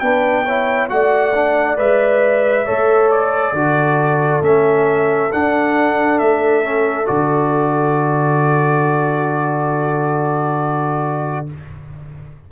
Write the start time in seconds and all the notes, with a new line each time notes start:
0.00 B3 D4 B4 G5
0.46 E4 C#5
0.89 A3 F#4 D5 F#5
1.35 D4
1.78 G#3 B4 E5
2.65 A3 A4 C#5
3.11 D5
3.53 D3 F#4 A4
4.42 A3 C#4 E5
5.33 D4 F#5
6.19 A3 E5
6.64 C#4
7.06 D3 F#4 D5